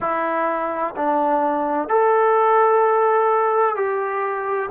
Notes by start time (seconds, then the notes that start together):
0.00 E4
0.95 D4
1.88 A4
3.75 G4